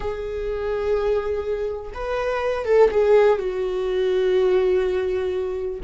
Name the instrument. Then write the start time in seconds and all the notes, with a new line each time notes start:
viola
0.00 G#4
1.94 B4
2.65 A4
2.90 G#4
3.38 F#4